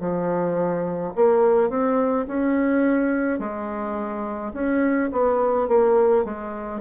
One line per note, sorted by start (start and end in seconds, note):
0.00 1.13 F3
1.16 1.70 A#3
1.70 2.26 C4
2.28 3.39 C#4
3.39 4.52 G#3
4.53 5.10 C#4
5.13 5.68 B3
5.68 6.25 A#3
6.25 6.81 G#3